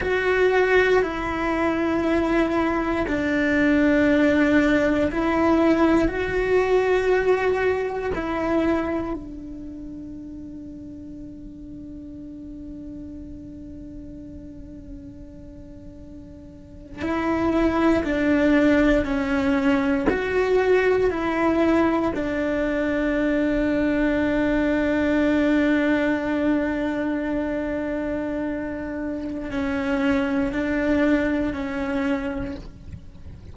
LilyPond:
\new Staff \with { instrumentName = "cello" } { \time 4/4 \tempo 4 = 59 fis'4 e'2 d'4~ | d'4 e'4 fis'2 | e'4 d'2.~ | d'1~ |
d'8. e'4 d'4 cis'4 fis'16~ | fis'8. e'4 d'2~ d'16~ | d'1~ | d'4 cis'4 d'4 cis'4 | }